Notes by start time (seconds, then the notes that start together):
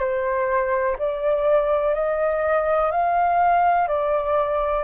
0.00 C5
0.99 D5
1.95 D#5
2.92 F5
3.88 D5